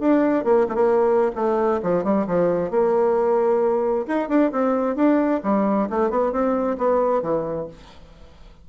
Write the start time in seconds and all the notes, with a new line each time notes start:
0.00 D4
0.44 A#3
0.69 A3
0.75 A#3
1.36 A3
1.83 F3
2.04 G3
2.27 F3
2.71 A#3
4.07 D#4
4.29 D4
4.52 C4
4.96 D4
5.43 G3
5.90 A3
6.10 B3
6.32 C4
6.78 B3
7.22 E3